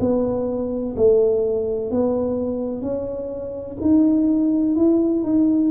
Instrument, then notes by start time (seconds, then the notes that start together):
tuba
0.00 B3
0.96 A3
1.90 B3
2.81 C#4
3.81 D#4
4.76 E4
5.23 D#4